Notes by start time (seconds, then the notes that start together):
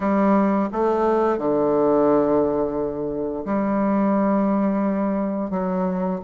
0.00 G3
0.72 A3
1.38 D3
3.45 G3
5.50 F#3